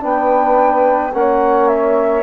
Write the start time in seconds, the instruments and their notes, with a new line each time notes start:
0.00 bassoon B3, trombone D4, saxophone B4, flute G5
1.13 bassoon A#3, trombone C#4, saxophone C#5, flute F#5
1.68 flute E5